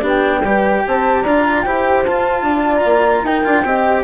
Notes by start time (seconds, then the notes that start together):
0.00 B3 D4 G4
0.09 G5
0.44 G3 G4 B4
0.87 C4 C5 A5
1.22 D4 F4 D5 A#5
1.62 E4 G4 C5 G5
2.05 F4 A5
2.43 D4 D5
2.76 A#5
2.85 A#3
3.23 D#4 A#4 G5
3.44 D4 F4
3.64 C4 G4 D#5